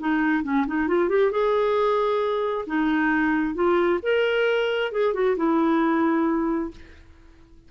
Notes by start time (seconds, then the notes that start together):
0.00 D#4
0.43 C#4
0.67 D#4
0.88 F4
1.09 G4
1.31 G#4
2.67 D#4
3.55 F4
4.02 A#4
4.92 G#4
5.14 F#4
5.37 E4